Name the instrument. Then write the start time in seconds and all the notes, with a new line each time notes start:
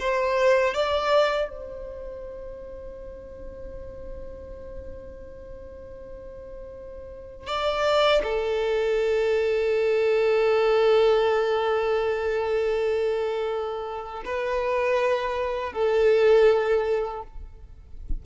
violin
0.00 C5
0.75 D5
1.49 C5
7.47 D5
8.24 A4
14.25 B4
15.73 A4